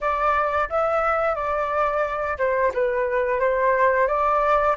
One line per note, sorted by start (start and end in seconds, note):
0.00 0.68 D5
0.69 1.35 E5
1.35 2.37 D5
2.38 2.72 C5
2.74 3.39 B4
3.39 4.07 C5
4.07 4.75 D5